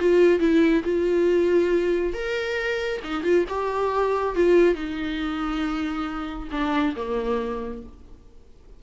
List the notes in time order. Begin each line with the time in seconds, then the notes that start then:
0.00 F4
0.40 E4
0.84 F4
2.14 A#4
3.04 D#4
3.24 F4
3.49 G4
4.36 F4
4.75 D#4
6.52 D4
6.96 A#3